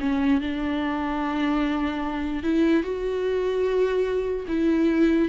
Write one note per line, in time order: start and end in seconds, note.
0.00 0.41 C#4
0.41 2.43 D4
2.43 2.83 E4
2.83 4.46 F#4
4.48 5.29 E4